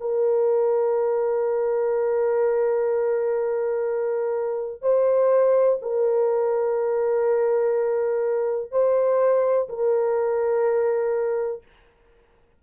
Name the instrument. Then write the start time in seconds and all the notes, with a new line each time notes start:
horn
0.00 A#4
4.82 C5
5.82 A#4
8.71 C5
9.69 A#4